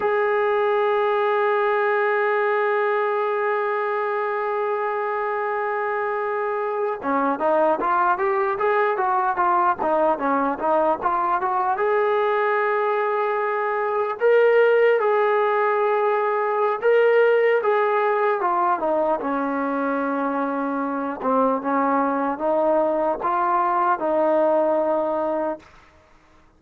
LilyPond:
\new Staff \with { instrumentName = "trombone" } { \time 4/4 \tempo 4 = 75 gis'1~ | gis'1~ | gis'8. cis'8 dis'8 f'8 g'8 gis'8 fis'8 f'16~ | f'16 dis'8 cis'8 dis'8 f'8 fis'8 gis'4~ gis'16~ |
gis'4.~ gis'16 ais'4 gis'4~ gis'16~ | gis'4 ais'4 gis'4 f'8 dis'8 | cis'2~ cis'8 c'8 cis'4 | dis'4 f'4 dis'2 | }